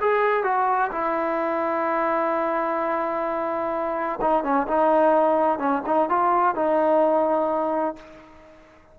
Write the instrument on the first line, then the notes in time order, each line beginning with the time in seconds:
trombone
0.00 G#4
0.43 F#4
0.91 E4
4.21 D#4
4.43 C#4
4.67 D#4
5.59 C#4
5.86 D#4
6.09 F4
6.55 D#4